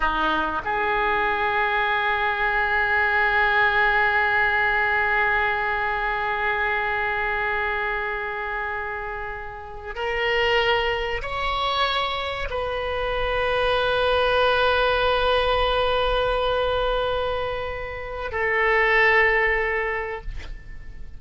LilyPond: \new Staff \with { instrumentName = "oboe" } { \time 4/4 \tempo 4 = 95 dis'4 gis'2.~ | gis'1~ | gis'1~ | gis'2.~ gis'8. ais'16~ |
ais'4.~ ais'16 cis''2 b'16~ | b'1~ | b'1~ | b'4 a'2. | }